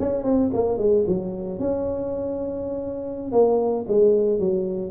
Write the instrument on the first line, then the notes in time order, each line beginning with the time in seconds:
tuba
0.00 C#4
0.24 C4
0.54 A#3
0.78 G#3
1.08 F#3
1.60 C#4
3.32 A#3
3.89 G#3
4.40 F#3